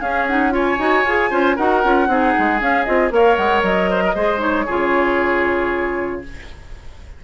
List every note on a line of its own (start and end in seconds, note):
0.00 0.78 C#4
0.00 0.29 C#4
0.00 0.53 G#4
0.00 0.26 F5
0.27 0.51 D#4
0.27 0.53 F#5
0.51 0.77 F4
0.51 1.30 C#5
0.57 1.56 G#5
0.78 1.04 D#4
0.78 1.04 F#4
1.04 1.30 F4
1.04 1.31 G#4
1.30 1.57 C#4
1.30 1.57 F4
1.30 1.56 C5
1.56 1.84 D#4
1.56 1.83 F#4
1.56 2.07 A#4
1.56 2.60 F#5
1.83 2.07 C#4
1.83 2.08 F4
2.07 2.33 C4
2.07 2.59 D#4
2.07 3.14 G#4
2.38 2.61 G#3
2.59 2.85 C#4
2.59 2.87 C#4
2.59 2.84 F5
2.84 3.11 C4
2.84 3.11 F4
2.84 3.10 D#5
3.11 3.37 A#3
3.11 4.14 A#4
3.11 3.90 C#5
3.11 3.36 F5
3.36 3.62 G#3
3.36 3.62 F#5
3.62 4.14 F#3
3.62 4.41 D#5
3.90 4.03 C5
4.04 4.15 A#4
4.15 4.67 G#3
4.15 4.38 G#4
4.15 4.66 C5
4.38 4.64 D#4
4.38 6.22 C#5
4.66 6.24 C#3
4.66 6.23 F4
4.66 6.21 G#4